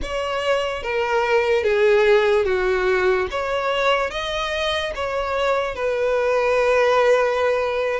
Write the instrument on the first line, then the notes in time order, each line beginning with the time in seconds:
violin
0.02 C#5
0.83 A#4
1.63 G#4
2.45 F#4
3.30 C#5
4.10 D#5
4.95 C#5
5.75 B4